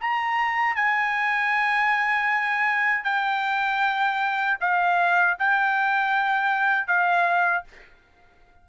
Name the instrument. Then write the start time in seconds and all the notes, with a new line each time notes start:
trumpet
0.00 A#5
0.75 G#5
3.03 G5
4.60 F5
5.38 G5
6.87 F5